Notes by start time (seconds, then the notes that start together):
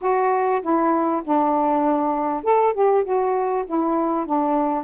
0.01 F#4
0.61 E4
1.24 D4
2.43 A4
2.73 G4
3.04 F#4
3.66 E4
4.26 D4